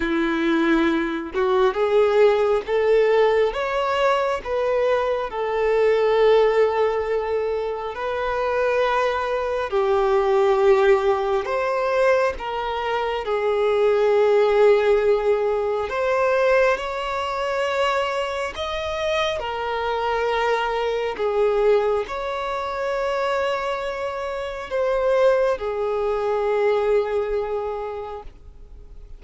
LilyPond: \new Staff \with { instrumentName = "violin" } { \time 4/4 \tempo 4 = 68 e'4. fis'8 gis'4 a'4 | cis''4 b'4 a'2~ | a'4 b'2 g'4~ | g'4 c''4 ais'4 gis'4~ |
gis'2 c''4 cis''4~ | cis''4 dis''4 ais'2 | gis'4 cis''2. | c''4 gis'2. | }